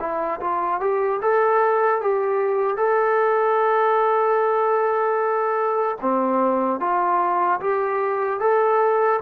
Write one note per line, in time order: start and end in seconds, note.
0.00 0.40 E4
0.40 0.80 F4
0.80 1.20 G4
1.22 2.01 A4
2.01 2.77 G4
2.77 5.97 A4
6.01 6.80 C4
6.80 7.60 F4
7.60 8.40 G4
8.40 9.20 A4